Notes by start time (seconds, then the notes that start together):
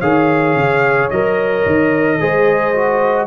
0.00 D#3 G#4 C#5 F5
0.55 C#3
1.10 F#3 A#4 D#5
1.65 D#3
2.19 G#3 G#4 C5
2.74 F#4